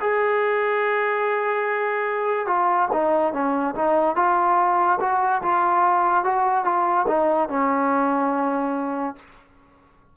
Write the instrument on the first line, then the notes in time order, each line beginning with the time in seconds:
trombone
0.00 G#4
2.47 F4
2.92 D#4
3.33 C#4
3.75 D#4
4.16 F4
5.00 F#4
5.42 F4
6.24 F#4
6.64 F4
7.08 D#4
7.49 C#4